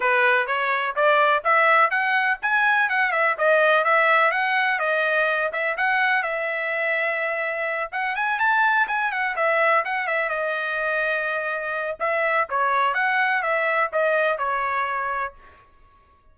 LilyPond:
\new Staff \with { instrumentName = "trumpet" } { \time 4/4 \tempo 4 = 125 b'4 cis''4 d''4 e''4 | fis''4 gis''4 fis''8 e''8 dis''4 | e''4 fis''4 dis''4. e''8 | fis''4 e''2.~ |
e''8 fis''8 gis''8 a''4 gis''8 fis''8 e''8~ | e''8 fis''8 e''8 dis''2~ dis''8~ | dis''4 e''4 cis''4 fis''4 | e''4 dis''4 cis''2 | }